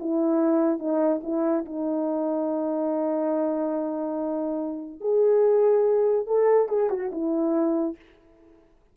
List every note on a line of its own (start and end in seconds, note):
0.00 0.79 E4
0.79 1.21 D#4
1.23 1.65 E4
1.65 5.01 D#4
5.01 6.27 G#4
6.27 6.68 A4
6.69 6.90 G#4
6.90 7.11 F#4
7.12 7.96 E4